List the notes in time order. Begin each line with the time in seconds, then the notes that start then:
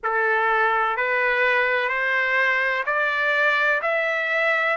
0.03 A4
0.96 B4
1.88 C5
2.86 D5
3.81 E5